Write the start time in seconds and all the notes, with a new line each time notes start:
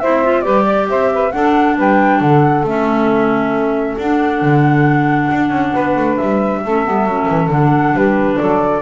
0.00 C4 E4 C5 E5
0.25 F4
0.42 G3 G4 B4 D5
0.67 D5
0.89 C4 C5 E5
1.14 B4
1.32 D4 A4 F#5
1.78 G3 B4 G5
2.21 D3 A4 F#5
2.63 A3 C#4 E5
3.98 D4 F#5
4.42 D3
5.32 D4
5.51 C#4
5.74 B3 B4
5.97 A3
6.17 G3 E5
6.65 A3 C#4 A4
6.85 G3 B3
7.05 F#3 C#4
7.30 E3
7.49 D3 D4 F#5
7.93 G3 G4 B4
8.38 F#3 A4 D5